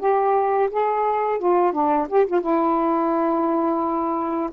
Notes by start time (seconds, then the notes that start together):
0.00 G4
0.71 G#4
1.39 F4
1.73 D4
2.09 G4
2.27 F4
2.41 E4